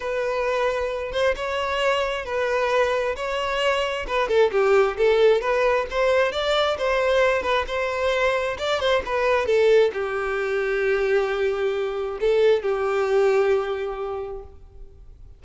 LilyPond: \new Staff \with { instrumentName = "violin" } { \time 4/4 \tempo 4 = 133 b'2~ b'8 c''8 cis''4~ | cis''4 b'2 cis''4~ | cis''4 b'8 a'8 g'4 a'4 | b'4 c''4 d''4 c''4~ |
c''8 b'8 c''2 d''8 c''8 | b'4 a'4 g'2~ | g'2. a'4 | g'1 | }